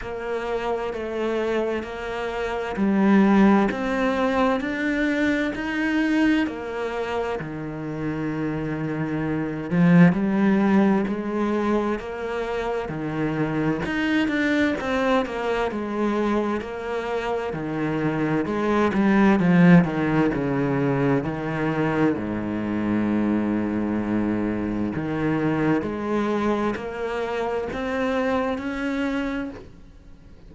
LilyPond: \new Staff \with { instrumentName = "cello" } { \time 4/4 \tempo 4 = 65 ais4 a4 ais4 g4 | c'4 d'4 dis'4 ais4 | dis2~ dis8 f8 g4 | gis4 ais4 dis4 dis'8 d'8 |
c'8 ais8 gis4 ais4 dis4 | gis8 g8 f8 dis8 cis4 dis4 | gis,2. dis4 | gis4 ais4 c'4 cis'4 | }